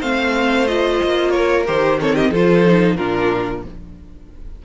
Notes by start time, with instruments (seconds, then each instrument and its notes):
0.00 cello A3, viola C4, violin C5 F5
0.67 viola F4, violin D#5
1.03 cello A#3
1.30 violin A#4 C#5
1.66 cello D#3, viola G4, violin C5
1.99 viola C4, violin A4 C#5
2.14 violin G4 D#5
2.30 cello F3, viola F4, violin A4 C5
2.66 viola D#4
2.96 cello A#2, viola D4, violin F4 A#4